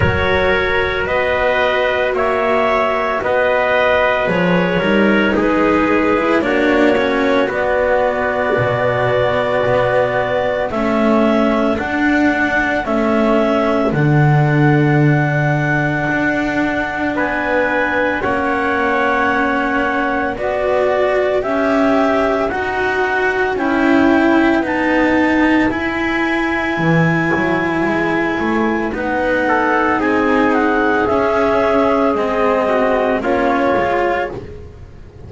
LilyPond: <<
  \new Staff \with { instrumentName = "clarinet" } { \time 4/4 \tempo 4 = 56 cis''4 dis''4 e''4 dis''4 | cis''4 b'4 cis''4 d''4~ | d''2 e''4 fis''4 | e''4 fis''2. |
gis''4 fis''2 d''4 | e''4 fis''4 g''4 a''4 | gis''2. fis''4 | gis''8 fis''8 e''4 dis''4 cis''4 | }
  \new Staff \with { instrumentName = "trumpet" } { \time 4/4 ais'4 b'4 cis''4 b'4~ | b'8 ais'8 gis'4 fis'2~ | fis'2 a'2~ | a'1 |
b'4 cis''2 b'4~ | b'1~ | b'2.~ b'8 a'8 | gis'2~ gis'8 fis'8 f'4 | }
  \new Staff \with { instrumentName = "cello" } { \time 4/4 fis'1 | gis'8 dis'4~ dis'16 e'16 d'8 cis'8 b4~ | b2 cis'4 d'4 | cis'4 d'2.~ |
d'4 cis'2 fis'4 | g'4 fis'4 e'4 dis'4 | e'2. dis'4~ | dis'4 cis'4 c'4 cis'8 f'8 | }
  \new Staff \with { instrumentName = "double bass" } { \time 4/4 fis4 b4 ais4 b4 | f8 g8 gis4 ais4 b4 | b,4 b4 a4 d'4 | a4 d2 d'4 |
b4 ais2 b4 | cis'4 dis'4 cis'4 b4 | e'4 e8 fis8 gis8 a8 b4 | c'4 cis'4 gis4 ais8 gis8 | }
>>